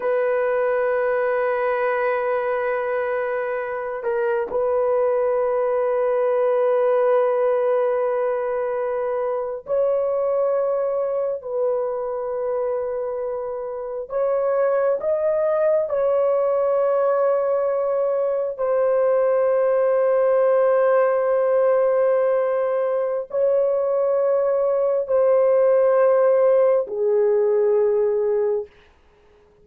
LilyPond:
\new Staff \with { instrumentName = "horn" } { \time 4/4 \tempo 4 = 67 b'1~ | b'8 ais'8 b'2.~ | b'2~ b'8. cis''4~ cis''16~ | cis''8. b'2. cis''16~ |
cis''8. dis''4 cis''2~ cis''16~ | cis''8. c''2.~ c''16~ | c''2 cis''2 | c''2 gis'2 | }